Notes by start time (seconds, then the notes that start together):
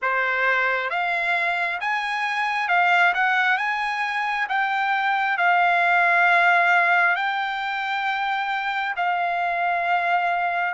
0.02 C5
0.90 F5
1.80 G#5
2.68 F5
3.13 F#5
3.57 G#5
4.49 G5
5.37 F5
7.15 G5
8.96 F5